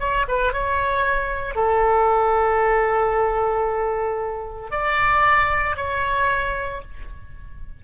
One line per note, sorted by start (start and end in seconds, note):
0.00 0.26 C#5
0.28 0.53 B4
0.53 1.56 C#5
1.56 4.71 A4
4.71 5.77 D5
5.77 6.82 C#5